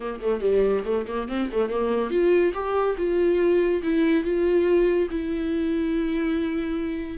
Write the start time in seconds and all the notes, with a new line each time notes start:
0.00 A#3
0.21 A3
0.40 G3
0.85 A3
1.07 A#3
1.28 C4
1.52 A3
1.69 A#3
2.10 F4
2.54 G4
2.97 F4
3.82 E4
4.23 F4
5.10 E4